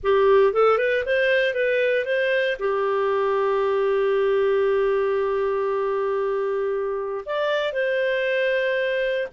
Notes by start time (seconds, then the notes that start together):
0.03 G4
0.53 A4
0.78 B4
1.05 C5
1.54 B4
2.05 C5
2.59 G4
7.25 D5
7.72 C5